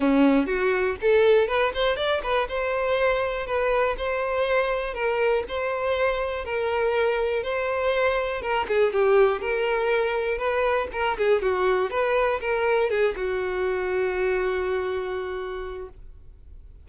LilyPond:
\new Staff \with { instrumentName = "violin" } { \time 4/4 \tempo 4 = 121 cis'4 fis'4 a'4 b'8 c''8 | d''8 b'8 c''2 b'4 | c''2 ais'4 c''4~ | c''4 ais'2 c''4~ |
c''4 ais'8 gis'8 g'4 ais'4~ | ais'4 b'4 ais'8 gis'8 fis'4 | b'4 ais'4 gis'8 fis'4.~ | fis'1 | }